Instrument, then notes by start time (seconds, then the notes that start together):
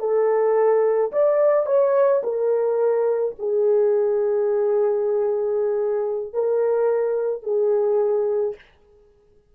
horn
0.00 A4
1.12 D5
1.66 C#5
2.23 A#4
3.39 G#4
6.33 A#4
7.43 G#4